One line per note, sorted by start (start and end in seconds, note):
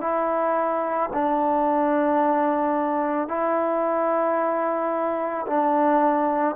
0.00 1.09 E4
1.13 3.28 D4
3.28 5.46 E4
5.46 6.56 D4